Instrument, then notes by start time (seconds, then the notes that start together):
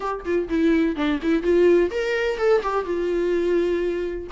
viola
0.00 G4
0.24 F4
0.48 E4
0.95 D4
1.22 E4
1.43 F4
1.90 A#4
2.37 A4
2.63 G4
2.84 F4